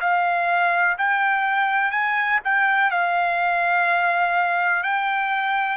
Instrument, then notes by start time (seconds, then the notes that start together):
trumpet
0.00 F5
0.98 G5
1.91 G#5
2.44 G5
2.90 F5
4.83 G5